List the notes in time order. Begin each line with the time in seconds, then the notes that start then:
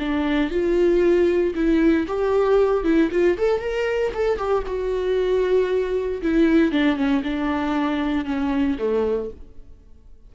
0.00 D4
0.51 F4
1.55 E4
2.08 G4
2.84 E4
3.12 F4
3.38 A4
3.61 A#4
4.15 A4
4.38 G4
4.67 F#4
6.23 E4
6.72 D4
6.97 C#4
7.24 D4
8.25 C#4
8.79 A3